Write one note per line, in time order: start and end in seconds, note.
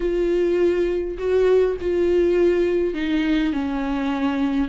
0.00 1.17 F4
1.18 1.76 F#4
1.80 2.94 F4
2.94 3.52 D#4
3.52 4.68 C#4